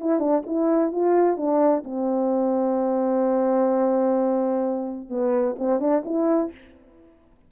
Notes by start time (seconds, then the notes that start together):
0.00 E4
0.19 D4
0.46 E4
0.91 F4
1.37 D4
1.84 C4
5.09 B3
5.58 C4
5.79 D4
6.04 E4